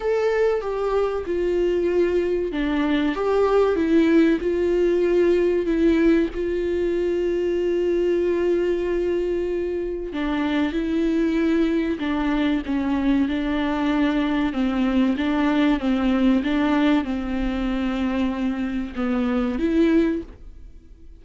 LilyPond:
\new Staff \with { instrumentName = "viola" } { \time 4/4 \tempo 4 = 95 a'4 g'4 f'2 | d'4 g'4 e'4 f'4~ | f'4 e'4 f'2~ | f'1 |
d'4 e'2 d'4 | cis'4 d'2 c'4 | d'4 c'4 d'4 c'4~ | c'2 b4 e'4 | }